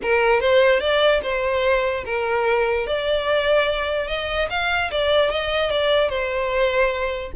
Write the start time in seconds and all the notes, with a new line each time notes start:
0.02 A#4
0.40 C5
0.80 D5
1.22 C5
2.05 A#4
2.86 D5
4.07 D#5
4.50 F5
4.91 D5
5.30 D#5
5.70 D5
6.09 C5